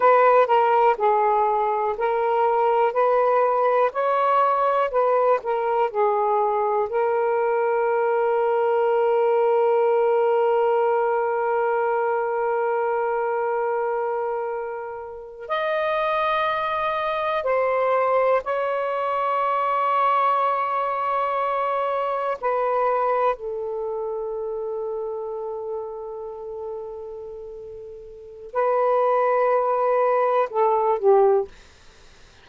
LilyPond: \new Staff \with { instrumentName = "saxophone" } { \time 4/4 \tempo 4 = 61 b'8 ais'8 gis'4 ais'4 b'4 | cis''4 b'8 ais'8 gis'4 ais'4~ | ais'1~ | ais'2.~ ais'8. dis''16~ |
dis''4.~ dis''16 c''4 cis''4~ cis''16~ | cis''2~ cis''8. b'4 a'16~ | a'1~ | a'4 b'2 a'8 g'8 | }